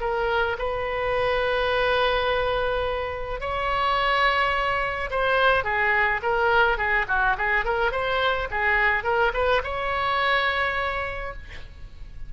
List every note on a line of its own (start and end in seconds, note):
0.00 0.57 A#4
0.58 3.40 B4
3.40 5.10 C#5
5.10 5.64 C5
5.64 6.21 G#4
6.22 6.77 A#4
6.77 7.05 G#4
7.08 7.36 F#4
7.37 7.65 G#4
7.65 7.91 A#4
7.91 8.48 C5
8.51 9.04 G#4
9.04 9.32 A#4
9.33 9.62 B4
9.63 11.33 C#5